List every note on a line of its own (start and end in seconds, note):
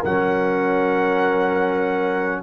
0.00 2.42 F#3
0.00 2.42 C#4
0.00 2.40 A#4
0.00 2.42 F#5